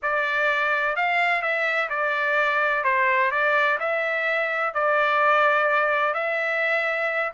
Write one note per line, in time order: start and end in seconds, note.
0.02 0.96 D5
0.96 1.42 F5
1.42 1.89 E5
1.89 2.83 D5
2.83 3.31 C5
3.31 3.78 D5
3.79 4.74 E5
4.74 6.14 D5
6.14 7.32 E5